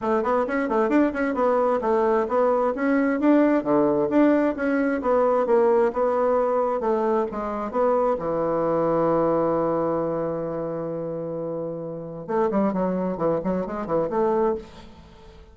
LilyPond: \new Staff \with { instrumentName = "bassoon" } { \time 4/4 \tempo 4 = 132 a8 b8 cis'8 a8 d'8 cis'8 b4 | a4 b4 cis'4 d'4 | d4 d'4 cis'4 b4 | ais4 b2 a4 |
gis4 b4 e2~ | e1~ | e2. a8 g8 | fis4 e8 fis8 gis8 e8 a4 | }